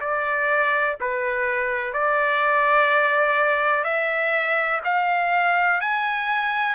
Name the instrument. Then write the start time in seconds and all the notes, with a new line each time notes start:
trumpet
0.00 D5
1.00 B4
1.93 D5
3.84 E5
4.84 F5
5.81 G#5